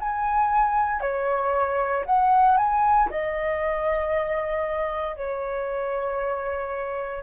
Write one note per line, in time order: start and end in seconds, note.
0.00 1.01 G#5
1.01 2.05 C#5
2.05 2.57 F#5
2.57 3.09 G#5
3.10 5.16 D#5
5.16 7.23 C#5